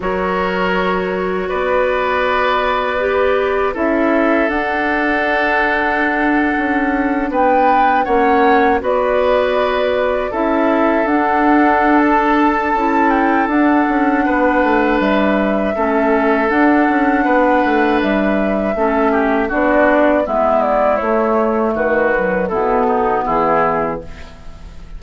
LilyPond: <<
  \new Staff \with { instrumentName = "flute" } { \time 4/4 \tempo 4 = 80 cis''2 d''2~ | d''4 e''4 fis''2~ | fis''4.~ fis''16 g''4 fis''4 d''16~ | d''4.~ d''16 e''4 fis''4~ fis''16 |
a''4. g''8 fis''2 | e''2 fis''2 | e''2 d''4 e''8 d''8 | cis''4 b'4 a'4 gis'4 | }
  \new Staff \with { instrumentName = "oboe" } { \time 4/4 ais'2 b'2~ | b'4 a'2.~ | a'4.~ a'16 b'4 cis''4 b'16~ | b'4.~ b'16 a'2~ a'16~ |
a'2. b'4~ | b'4 a'2 b'4~ | b'4 a'8 g'8 fis'4 e'4~ | e'4 fis'4 e'8 dis'8 e'4 | }
  \new Staff \with { instrumentName = "clarinet" } { \time 4/4 fis'1 | g'4 e'4 d'2~ | d'2~ d'8. cis'4 fis'16~ | fis'4.~ fis'16 e'4 d'4~ d'16~ |
d'4 e'4 d'2~ | d'4 cis'4 d'2~ | d'4 cis'4 d'4 b4 | a4. fis8 b2 | }
  \new Staff \with { instrumentName = "bassoon" } { \time 4/4 fis2 b2~ | b4 cis'4 d'2~ | d'8. cis'4 b4 ais4 b16~ | b4.~ b16 cis'4 d'4~ d'16~ |
d'4 cis'4 d'8 cis'8 b8 a8 | g4 a4 d'8 cis'8 b8 a8 | g4 a4 b4 gis4 | a4 dis4 b,4 e4 | }
>>